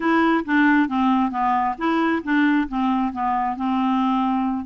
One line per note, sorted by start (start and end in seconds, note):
0.00 0.44 E4
0.45 0.88 D4
0.88 1.30 C4
1.30 1.75 B3
1.78 2.22 E4
2.23 2.68 D4
2.68 3.12 C4
3.13 3.56 B3
3.56 4.65 C4